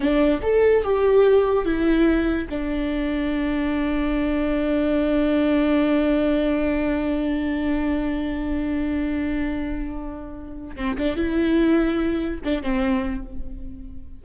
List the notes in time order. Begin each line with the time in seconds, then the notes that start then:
0.00 D4
0.42 A4
0.83 G4
1.65 E4
2.49 D4
10.76 C4
10.97 D4
11.16 E4
12.44 D4
12.62 C4